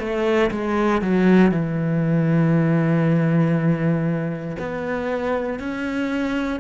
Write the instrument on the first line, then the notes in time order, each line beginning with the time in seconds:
cello
0.00 A3
0.51 G#3
1.02 F#3
1.52 E3
4.59 B3
5.60 C#4